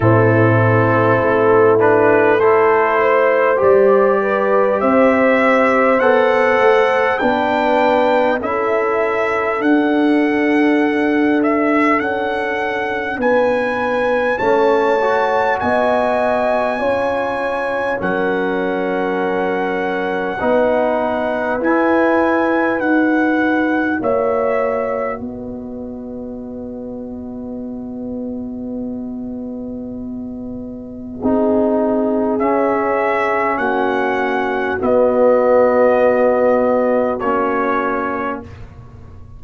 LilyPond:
<<
  \new Staff \with { instrumentName = "trumpet" } { \time 4/4 \tempo 4 = 50 a'4. b'8 c''4 d''4 | e''4 fis''4 g''4 e''4 | fis''4. e''8 fis''4 gis''4 | a''4 gis''2 fis''4~ |
fis''2 gis''4 fis''4 | e''4 dis''2.~ | dis''2. e''4 | fis''4 dis''2 cis''4 | }
  \new Staff \with { instrumentName = "horn" } { \time 4/4 e'2 a'8 c''4 b'8 | c''2 b'4 a'4~ | a'2. b'4 | cis''4 dis''4 cis''4 ais'4~ |
ais'4 b'2. | cis''4 b'2.~ | b'2 gis'2 | fis'1 | }
  \new Staff \with { instrumentName = "trombone" } { \time 4/4 c'4. d'8 e'4 g'4~ | g'4 a'4 d'4 e'4 | d'1 | cis'8 fis'4. f'4 cis'4~ |
cis'4 dis'4 e'4 fis'4~ | fis'1~ | fis'2 dis'4 cis'4~ | cis'4 b2 cis'4 | }
  \new Staff \with { instrumentName = "tuba" } { \time 4/4 a,4 a2 g4 | c'4 b8 a8 b4 cis'4 | d'2 cis'4 b4 | a4 b4 cis'4 fis4~ |
fis4 b4 e'4 dis'4 | ais4 b2.~ | b2 c'4 cis'4 | ais4 b2 ais4 | }
>>